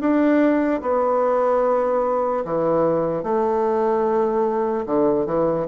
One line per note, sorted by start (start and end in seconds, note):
0.00 0.81 D4
0.82 2.44 B3
2.45 3.23 E3
3.23 4.85 A3
4.86 5.26 D3
5.26 5.66 E3